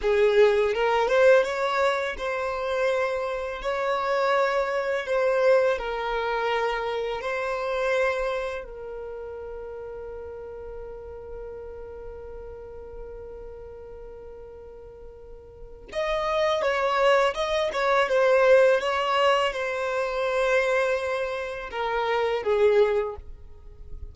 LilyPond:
\new Staff \with { instrumentName = "violin" } { \time 4/4 \tempo 4 = 83 gis'4 ais'8 c''8 cis''4 c''4~ | c''4 cis''2 c''4 | ais'2 c''2 | ais'1~ |
ais'1~ | ais'2 dis''4 cis''4 | dis''8 cis''8 c''4 cis''4 c''4~ | c''2 ais'4 gis'4 | }